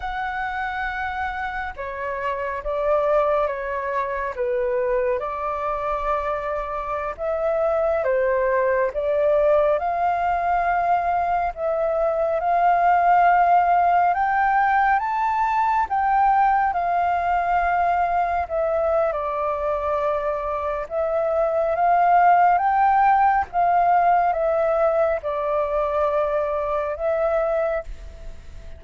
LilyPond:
\new Staff \with { instrumentName = "flute" } { \time 4/4 \tempo 4 = 69 fis''2 cis''4 d''4 | cis''4 b'4 d''2~ | d''16 e''4 c''4 d''4 f''8.~ | f''4~ f''16 e''4 f''4.~ f''16~ |
f''16 g''4 a''4 g''4 f''8.~ | f''4~ f''16 e''8. d''2 | e''4 f''4 g''4 f''4 | e''4 d''2 e''4 | }